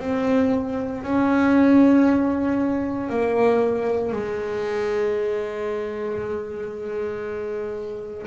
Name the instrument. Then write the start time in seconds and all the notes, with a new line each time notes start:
double bass
0.00 C4
1.04 C#4
3.10 A#3
4.13 G#3